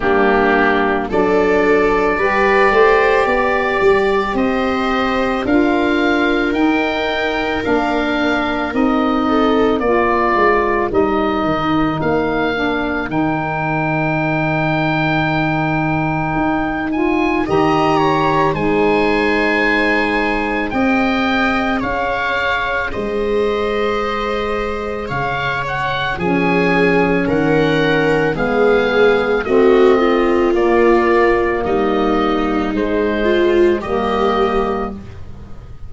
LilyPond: <<
  \new Staff \with { instrumentName = "oboe" } { \time 4/4 \tempo 4 = 55 g'4 d''2. | dis''4 f''4 g''4 f''4 | dis''4 d''4 dis''4 f''4 | g''2.~ g''8 gis''8 |
ais''4 gis''2 g''4 | f''4 dis''2 f''8 fis''8 | gis''4 fis''4 f''4 dis''4 | d''4 dis''4 c''4 dis''4 | }
  \new Staff \with { instrumentName = "viola" } { \time 4/4 d'4 a'4 b'8 c''8 d''4 | c''4 ais'2.~ | ais'8 a'8 ais'2.~ | ais'1 |
dis''8 cis''8 c''2 dis''4 | cis''4 c''2 cis''4 | gis'4 ais'4 gis'4 fis'8 f'8~ | f'4 dis'4. f'8 g'4 | }
  \new Staff \with { instrumentName = "saxophone" } { \time 4/4 ais4 d'4 g'2~ | g'4 f'4 dis'4 d'4 | dis'4 f'4 dis'4. d'8 | dis'2.~ dis'8 f'8 |
g'4 dis'2 gis'4~ | gis'1 | cis'2 b4 c'4 | ais2 gis4 ais4 | }
  \new Staff \with { instrumentName = "tuba" } { \time 4/4 g4 fis4 g8 a8 b8 g8 | c'4 d'4 dis'4 ais4 | c'4 ais8 gis8 g8 dis8 ais4 | dis2. dis'4 |
dis4 gis2 c'4 | cis'4 gis2 cis4 | f4 dis4 gis4 a4 | ais4 g4 gis4 g4 | }
>>